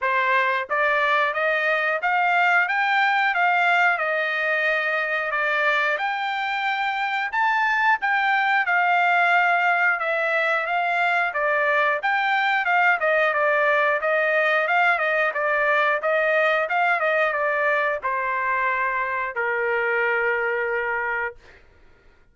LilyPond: \new Staff \with { instrumentName = "trumpet" } { \time 4/4 \tempo 4 = 90 c''4 d''4 dis''4 f''4 | g''4 f''4 dis''2 | d''4 g''2 a''4 | g''4 f''2 e''4 |
f''4 d''4 g''4 f''8 dis''8 | d''4 dis''4 f''8 dis''8 d''4 | dis''4 f''8 dis''8 d''4 c''4~ | c''4 ais'2. | }